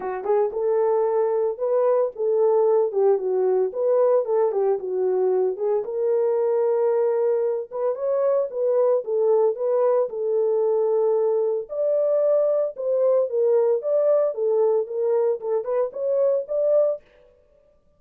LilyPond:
\new Staff \with { instrumentName = "horn" } { \time 4/4 \tempo 4 = 113 fis'8 gis'8 a'2 b'4 | a'4. g'8 fis'4 b'4 | a'8 g'8 fis'4. gis'8 ais'4~ | ais'2~ ais'8 b'8 cis''4 |
b'4 a'4 b'4 a'4~ | a'2 d''2 | c''4 ais'4 d''4 a'4 | ais'4 a'8 b'8 cis''4 d''4 | }